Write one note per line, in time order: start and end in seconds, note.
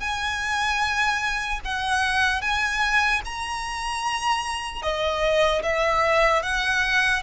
0.00 1.60 G#5
1.65 2.41 F#5
2.41 3.21 G#5
3.25 4.82 A#5
4.82 5.62 D#5
5.63 6.43 E5
6.43 7.23 F#5